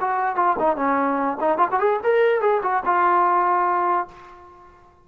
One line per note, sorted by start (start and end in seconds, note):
0.00 0.36 F#4
0.36 0.56 F4
0.59 0.76 D#4
0.76 1.37 C#4
1.40 1.58 D#4
1.58 1.68 F4
1.71 1.79 F#4
1.79 2.00 G#4
2.03 2.41 A#4
2.41 2.61 G#4
2.62 2.83 F#4
2.85 4.08 F4